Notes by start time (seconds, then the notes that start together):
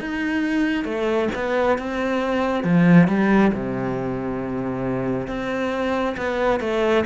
0.00 D#4
0.85 A3
1.35 B3
1.78 C4
2.64 F3
3.08 G3
3.53 C3
5.27 C4
6.17 B3
6.60 A3